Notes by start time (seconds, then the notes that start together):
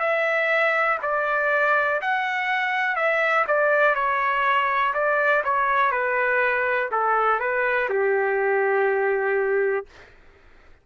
0.00 E5
1.03 D5
2.02 F#5
2.96 E5
3.48 D5
3.95 C#5
4.94 D5
5.45 C#5
5.92 B4
6.92 A4
7.40 B4
7.90 G4